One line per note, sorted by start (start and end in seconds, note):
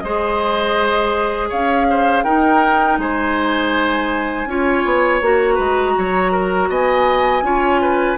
0.00 1.52 G#3
0.00 2.25 G#4
0.00 1.49 C5
0.00 1.48 D#5
1.49 2.25 C#4
1.49 1.86 C#5
1.49 2.24 F5
1.90 2.24 C5
2.24 2.98 D#4
2.24 4.48 D#4
2.24 2.98 A#4
2.24 2.98 G5
2.98 4.46 G#3
2.98 4.49 C5
2.98 5.22 G#5
4.46 4.83 C#4
4.46 5.22 F4
4.46 5.55 C#5
4.85 5.21 B3
5.21 5.58 A#3
5.21 7.44 F#4
5.21 6.71 A#5
5.55 5.96 G#3
5.55 5.92 B4
5.98 6.69 F#3
5.98 6.32 C#5
6.32 6.69 A#4
6.69 7.42 B3
6.69 7.44 D#5
6.69 8.18 G#5
7.42 8.16 C#4
7.42 8.18 F4
7.42 7.82 C#5
7.82 8.18 B4